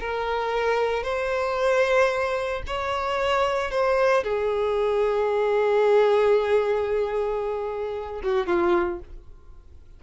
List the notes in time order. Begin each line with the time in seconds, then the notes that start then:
0.00 A#4
1.03 C5
2.67 C#5
3.71 C5
4.24 G#4
8.23 F#4
8.46 F4